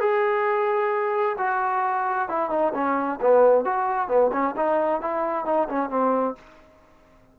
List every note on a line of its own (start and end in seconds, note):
0.00 1.36 G#4
1.38 2.29 F#4
2.29 2.50 E4
2.50 2.73 D#4
2.74 3.20 C#4
3.21 3.65 B3
3.65 4.08 F#4
4.08 4.31 B3
4.33 4.55 C#4
4.56 5.01 D#4
5.01 5.45 E4
5.45 5.68 D#4
5.69 5.90 C#4
5.90 6.35 C4